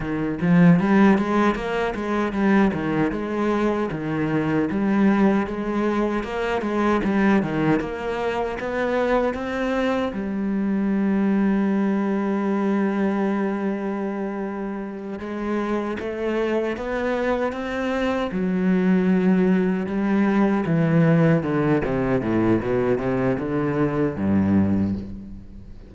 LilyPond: \new Staff \with { instrumentName = "cello" } { \time 4/4 \tempo 4 = 77 dis8 f8 g8 gis8 ais8 gis8 g8 dis8 | gis4 dis4 g4 gis4 | ais8 gis8 g8 dis8 ais4 b4 | c'4 g2.~ |
g2.~ g8 gis8~ | gis8 a4 b4 c'4 fis8~ | fis4. g4 e4 d8 | c8 a,8 b,8 c8 d4 g,4 | }